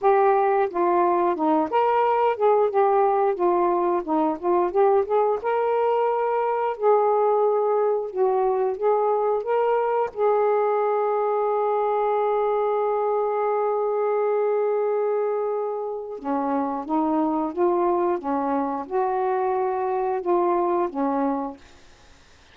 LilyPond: \new Staff \with { instrumentName = "saxophone" } { \time 4/4 \tempo 4 = 89 g'4 f'4 dis'8 ais'4 gis'8 | g'4 f'4 dis'8 f'8 g'8 gis'8 | ais'2 gis'2 | fis'4 gis'4 ais'4 gis'4~ |
gis'1~ | gis'1 | cis'4 dis'4 f'4 cis'4 | fis'2 f'4 cis'4 | }